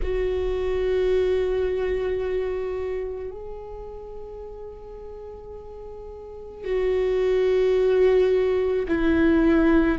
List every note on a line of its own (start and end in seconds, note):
0.02 3.30 F#4
3.30 6.64 G#4
6.64 8.86 F#4
8.88 9.98 E4